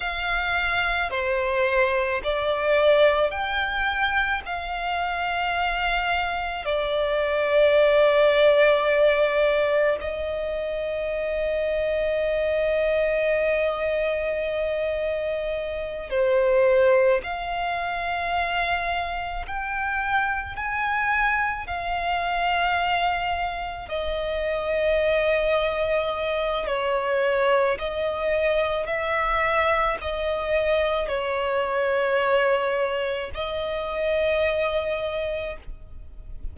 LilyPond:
\new Staff \with { instrumentName = "violin" } { \time 4/4 \tempo 4 = 54 f''4 c''4 d''4 g''4 | f''2 d''2~ | d''4 dis''2.~ | dis''2~ dis''8 c''4 f''8~ |
f''4. g''4 gis''4 f''8~ | f''4. dis''2~ dis''8 | cis''4 dis''4 e''4 dis''4 | cis''2 dis''2 | }